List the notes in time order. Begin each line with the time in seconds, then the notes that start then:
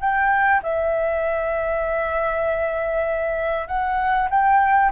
0.00 G5
0.63 E5
3.68 F#5
4.30 G5